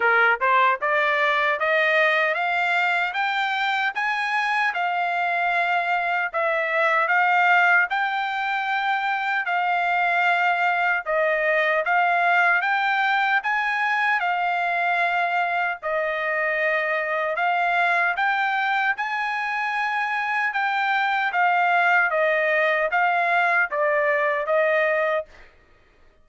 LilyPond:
\new Staff \with { instrumentName = "trumpet" } { \time 4/4 \tempo 4 = 76 ais'8 c''8 d''4 dis''4 f''4 | g''4 gis''4 f''2 | e''4 f''4 g''2 | f''2 dis''4 f''4 |
g''4 gis''4 f''2 | dis''2 f''4 g''4 | gis''2 g''4 f''4 | dis''4 f''4 d''4 dis''4 | }